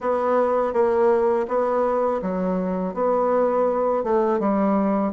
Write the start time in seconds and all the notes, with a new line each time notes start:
0.00 B3
0.73 A#3
1.47 B3
2.22 F#3
2.94 B3
4.03 A3
4.39 G3